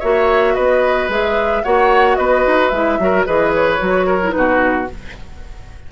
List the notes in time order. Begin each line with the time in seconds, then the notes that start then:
0.00 A#3 F#4 C#5 E5
0.55 B3 B4 D#5
1.09 G#3 G#4 E5
1.64 A#3 F#4 C#5 F#5
2.16 B3 B4 D#5
2.47 D#4
2.69 G#3 E4 E5
2.99 F#3 F#4 A#4
3.26 E3 G#4 B4 D#5
3.55 C#5
3.78 F#3 F#4
4.07 A#4
4.23 E4
4.31 B2 D#4 B4
4.38 F#4